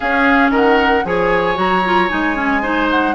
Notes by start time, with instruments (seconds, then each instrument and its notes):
0.00 clarinet C#4, bassoon C#4, oboe G#4, flute F5
0.49 bassoon D#3, oboe A#4, flute F#5
1.04 bassoon F3, clarinet G#4, oboe C#5, flute G#5
1.55 bassoon F#3, clarinet F#4, flute A#5
1.84 clarinet F4
2.08 bassoon G#3, clarinet D#4, flute G#5
2.35 clarinet C#4
2.62 clarinet D#4, oboe C5
2.90 flute F#5